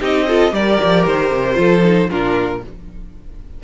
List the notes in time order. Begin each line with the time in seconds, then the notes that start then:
0.00 C4 D#4 G4 D#5
0.27 F4 A4
0.50 G3 G4 A#4 D5
0.83 F3
1.06 D#3 C5
1.30 C3
1.54 F3 F4 A4
1.83 D#4
2.09 A#2 D4 F4 A#4